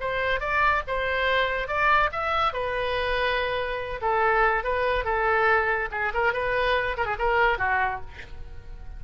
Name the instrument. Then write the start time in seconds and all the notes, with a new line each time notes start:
oboe
0.00 C5
0.40 D5
0.87 C5
1.68 D5
2.12 E5
2.53 B4
4.01 A4
4.64 B4
5.05 A4
5.92 G#4
6.14 A#4
6.33 B4
6.97 A#4
7.05 G#4
7.19 A#4
7.58 F#4